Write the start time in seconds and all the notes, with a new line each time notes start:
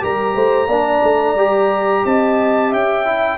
0.00 G3 G4 A#4 A#5
0.35 A3 C5
0.67 A#3 D4 D5
1.03 A3
1.35 G3 G4
2.05 C4 D#5 A5
2.69 C#4 E5 G5
3.05 E4